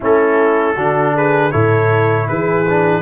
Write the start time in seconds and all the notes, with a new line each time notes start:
0.00 A3 C#4 E4 A4
0.74 D3 D4 F#4
1.15 G#4 B4
1.51 A2 E4 A4 C#5
2.28 E3 G#4 B4
2.68 D4